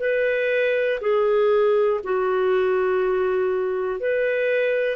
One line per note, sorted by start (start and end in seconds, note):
0.00 1.00 B4
1.01 2.01 G#4
2.04 4.00 F#4
4.00 4.97 B4